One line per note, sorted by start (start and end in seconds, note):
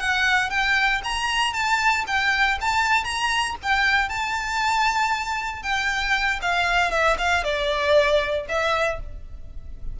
0.00 0.50 F#5
0.50 1.01 G5
1.04 1.53 A#5
1.53 2.05 A5
2.07 2.58 G5
2.61 3.04 A5
3.04 3.56 A#5
3.63 4.09 G5
4.09 5.63 A5
5.63 6.40 G5
6.42 6.91 F5
6.91 7.17 E5
7.18 7.44 F5
7.44 8.47 D5
8.49 9.00 E5